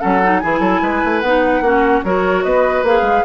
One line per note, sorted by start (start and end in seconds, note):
0.00 0.44 F#3
0.00 0.21 C#4
0.00 0.41 A4
0.00 0.39 F#5
0.23 0.42 D#4
0.39 0.60 E3
0.39 1.23 E4
0.39 0.60 G#4
0.39 1.20 G#5
0.60 0.80 F#3
0.60 0.80 A4
0.82 1.02 G#3
0.82 1.64 B4
1.04 1.22 A3
1.20 1.61 B3
1.20 1.64 D#4
1.20 2.02 F#5
1.61 2.01 A#3
1.61 2.04 C#4
1.61 2.05 F#4
2.04 2.44 F#3
2.04 2.85 F#4
2.04 2.45 A#4
2.04 2.43 C#5
2.43 2.83 B3
2.43 3.25 B4
2.43 2.84 D#5
2.83 3.01 A#3
2.83 3.25 G#4
2.83 3.25 F5
3.01 3.22 G#3